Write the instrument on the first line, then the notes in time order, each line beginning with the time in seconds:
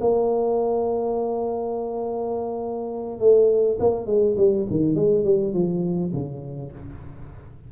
tuba
0.00 A#3
3.19 A3
3.79 A#3
4.06 G#3
4.37 G3
4.70 D#3
4.95 G#3
5.24 G3
5.53 F3
6.13 C#3